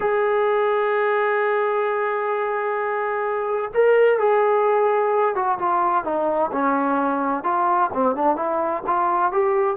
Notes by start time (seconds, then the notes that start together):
0.00 G#4
3.74 A#4
4.18 G#4
5.35 F#4
5.58 F4
6.04 D#4
6.51 C#4
7.43 F4
7.93 C4
8.15 D4
8.36 E4
8.86 F4
9.31 G4